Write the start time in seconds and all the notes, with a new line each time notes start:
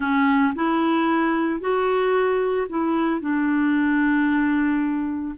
0.00 C#4
0.55 E4
1.60 F#4
2.69 E4
3.20 D4